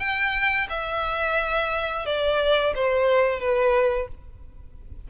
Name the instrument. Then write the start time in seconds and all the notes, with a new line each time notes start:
violin
0.00 G5
0.70 E5
2.06 D5
2.76 C5
3.40 B4